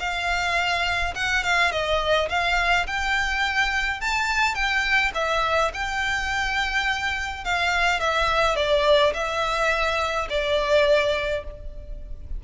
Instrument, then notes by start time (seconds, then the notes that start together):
violin
0.00 F5
1.16 F#5
1.44 F5
1.72 D#5
2.30 F5
2.87 G5
4.01 A5
4.55 G5
5.15 E5
5.74 G5
7.45 F5
8.01 E5
8.56 D5
9.14 E5
10.30 D5